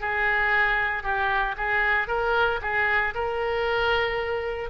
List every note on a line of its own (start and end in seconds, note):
0.00 1.03 G#4
1.03 1.55 G4
1.57 2.07 G#4
2.07 2.59 A#4
2.61 3.14 G#4
3.14 4.70 A#4